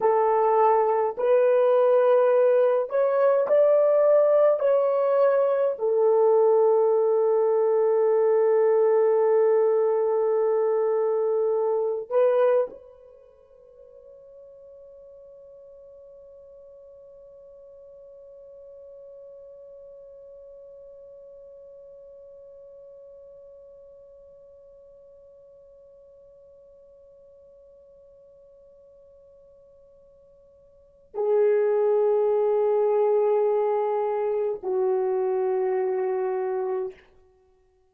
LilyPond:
\new Staff \with { instrumentName = "horn" } { \time 4/4 \tempo 4 = 52 a'4 b'4. cis''8 d''4 | cis''4 a'2.~ | a'2~ a'8 b'8 cis''4~ | cis''1~ |
cis''1~ | cis''1~ | cis''2. gis'4~ | gis'2 fis'2 | }